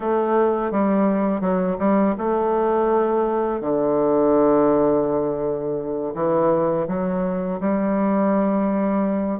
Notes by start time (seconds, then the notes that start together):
0.00 A3
0.71 G3
1.40 F#3
1.78 G3
2.18 A3
3.60 D3
6.14 E3
6.87 F#3
7.60 G3